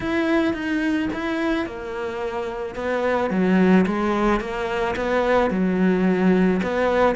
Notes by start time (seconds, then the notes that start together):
0.00 E4
0.53 D#4
1.13 E4
1.65 A#3
2.75 B3
3.30 F#3
3.86 G#3
4.40 A#3
4.95 B3
5.50 F#3
6.62 B3